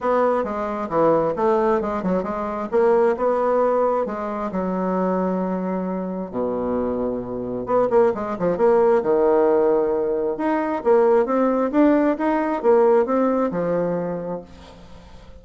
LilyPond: \new Staff \with { instrumentName = "bassoon" } { \time 4/4 \tempo 4 = 133 b4 gis4 e4 a4 | gis8 fis8 gis4 ais4 b4~ | b4 gis4 fis2~ | fis2 b,2~ |
b,4 b8 ais8 gis8 f8 ais4 | dis2. dis'4 | ais4 c'4 d'4 dis'4 | ais4 c'4 f2 | }